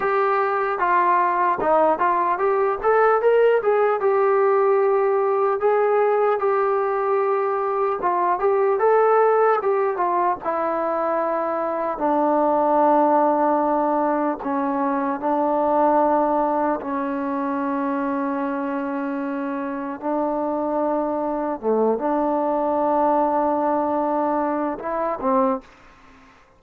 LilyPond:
\new Staff \with { instrumentName = "trombone" } { \time 4/4 \tempo 4 = 75 g'4 f'4 dis'8 f'8 g'8 a'8 | ais'8 gis'8 g'2 gis'4 | g'2 f'8 g'8 a'4 | g'8 f'8 e'2 d'4~ |
d'2 cis'4 d'4~ | d'4 cis'2.~ | cis'4 d'2 a8 d'8~ | d'2. e'8 c'8 | }